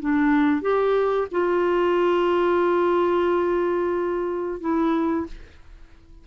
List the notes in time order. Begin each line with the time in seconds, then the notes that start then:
0.00 D4
0.61 G4
1.31 F4
4.60 E4